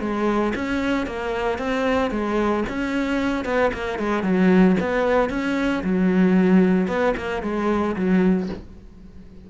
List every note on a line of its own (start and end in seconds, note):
0.00 0.53 G#3
0.55 1.06 C#4
1.06 1.59 A#3
1.59 2.11 C4
2.11 2.64 G#3
2.69 3.45 C#4
3.45 3.71 B3
3.74 3.99 A#3
3.99 4.23 G#3
4.23 4.76 F#3
4.80 5.30 B3
5.30 5.83 C#4
5.84 6.88 F#3
6.88 7.14 B3
7.17 7.43 A#3
7.43 7.96 G#3
7.96 8.49 F#3